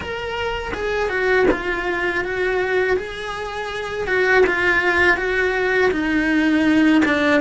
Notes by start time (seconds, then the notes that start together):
0.00 A#4
0.73 G#4
1.09 F#4
1.51 F4
2.24 F#4
2.96 G#4
4.07 F#4
4.46 F4
5.16 F#4
5.91 D#4
7.05 D4